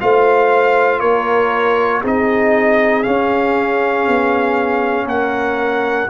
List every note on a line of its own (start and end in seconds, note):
0.00 1.01 A3
0.00 2.03 F4
0.00 1.00 C5
0.00 1.00 F5
1.00 2.02 A#3
1.00 2.02 A#4
1.00 2.01 C#5
2.02 3.05 C4
2.02 3.04 D#4
2.02 5.06 G#4
2.02 3.03 D#5
3.03 6.09 C#4
3.03 4.07 C#4
3.03 5.06 F5
4.07 5.05 B3
5.05 6.07 A#3
5.05 6.07 A#4
5.05 6.10 F#5